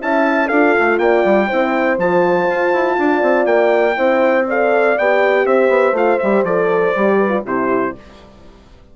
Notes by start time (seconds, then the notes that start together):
0.00 C#4 E4 E5 A5
0.46 D4 F4 A4 F5
0.79 A3
0.99 A#3 D5 G5
1.25 G3
1.48 C4 E4 C5
1.98 F3 F4 A5
2.49 F4
2.73 E4
2.98 D4 D5
3.22 C4
3.46 A#3 G5
3.95 C4 E4 C5
4.47 A4 D5 F5
4.98 B3 G4 G5
5.46 C4 C5 E5
5.69 B3
5.92 A3 F4 F5
6.19 G3 G4 E5
6.43 F3 A4 D5
6.96 G3 G4
7.19 B4
7.29 F4
7.45 C3 E4 G4 C5